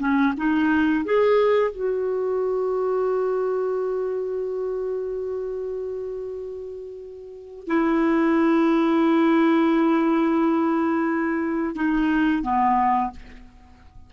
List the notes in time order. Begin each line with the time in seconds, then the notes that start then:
0.00 C#4
0.37 D#4
1.05 G#4
1.71 F#4
7.67 E4
11.76 D#4
12.43 B3